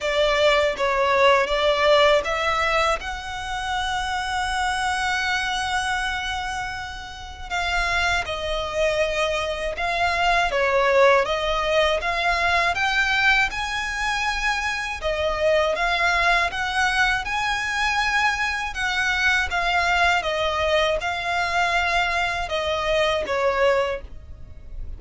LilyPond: \new Staff \with { instrumentName = "violin" } { \time 4/4 \tempo 4 = 80 d''4 cis''4 d''4 e''4 | fis''1~ | fis''2 f''4 dis''4~ | dis''4 f''4 cis''4 dis''4 |
f''4 g''4 gis''2 | dis''4 f''4 fis''4 gis''4~ | gis''4 fis''4 f''4 dis''4 | f''2 dis''4 cis''4 | }